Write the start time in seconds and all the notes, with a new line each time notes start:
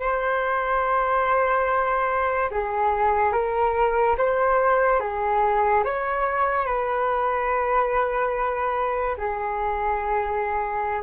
0.00 C5
2.51 G#4
3.33 A#4
4.17 C5
5.00 G#4
5.84 C#5
6.66 B4
9.17 G#4